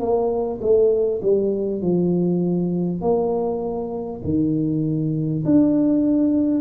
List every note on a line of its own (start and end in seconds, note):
0.00 0.60 A#3
0.62 1.22 A3
1.22 1.82 G3
1.82 3.02 F3
3.02 4.22 A#3
4.24 5.44 D#3
5.45 6.61 D4